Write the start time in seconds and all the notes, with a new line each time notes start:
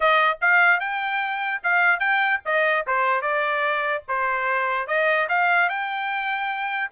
0.00 D#5
0.41 F5
0.80 G5
1.63 F5
1.99 G5
2.45 D#5
2.86 C5
3.21 D5
4.07 C5
4.87 D#5
5.29 F5
5.69 G5